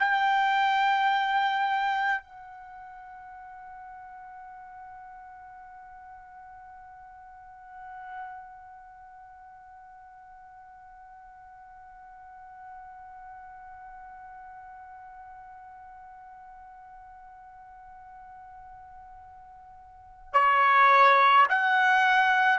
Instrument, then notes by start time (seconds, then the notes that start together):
trumpet
0.00 G5
2.23 F#5
20.34 C#5
21.49 F#5